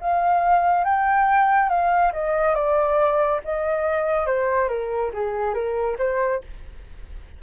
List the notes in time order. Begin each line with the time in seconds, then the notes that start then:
0.00 F5
0.84 G5
1.69 F5
2.12 D#5
2.54 D5
3.44 D#5
4.26 C5
4.68 A#4
5.13 G#4
5.54 A#4
5.98 C5